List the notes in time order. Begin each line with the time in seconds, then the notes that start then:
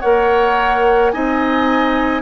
0.00 A#3 A#4 C#5 F#5
1.10 C4 D#4 D#5 G#5